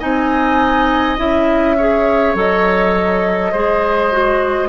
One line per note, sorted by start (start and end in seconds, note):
0.00 1.19 C4
0.00 1.17 D#4
0.00 1.76 D#5
0.00 1.18 G#5
1.17 2.35 C#4
1.17 1.76 E4
1.17 2.37 E5
1.77 2.35 G#4
1.77 3.52 C#5
2.35 3.52 F#3
2.35 3.53 A4
2.35 4.69 D#5
3.52 4.69 G#3
3.52 4.12 G#4
3.52 4.69 C5
4.12 4.69 F#4